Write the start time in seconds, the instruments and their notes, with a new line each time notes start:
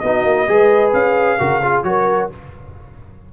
0.00 tuba B3, trombone D#4, horn F#4, trumpet D#5
0.24 tuba A#3
0.47 tuba G#3, trombone G#4, horn B4
0.93 tuba C#4, trumpet F5
1.39 tuba C#3, trombone F#4, horn A#4
1.61 trombone F4, horn G#4
1.83 tuba F#3, trombone F#4, horn A#4, trumpet C#5